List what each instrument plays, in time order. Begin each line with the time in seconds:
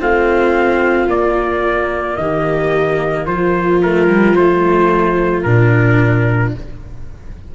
0.00 tuba A3, cello C4, viola F4, trumpet F5
1.07 tuba A#3, cello A#3, trumpet D5
2.17 tuba D#3, viola G4, trumpet D#5
3.26 tuba F3, viola F4, trumpet C5
3.83 cello A3, trumpet A#4
4.08 cello G3
4.36 cello A3, trumpet C5
5.43 tuba A#2, cello D4, trumpet A#4